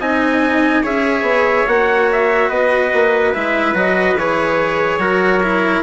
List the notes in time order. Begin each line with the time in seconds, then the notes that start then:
0.00 C4 D#4 D#5 G#5
0.83 C#4 G#4 C#5 E5
1.22 B3
1.67 A#3 F#4 F#5
2.12 E5
2.49 B3 B4 D#5
2.94 A#3
3.34 G#3 E4 E5
3.74 F#3 F#4 D#5
4.15 E3 G#4 C#5
4.99 F#3 F#4 A#4
5.43 E4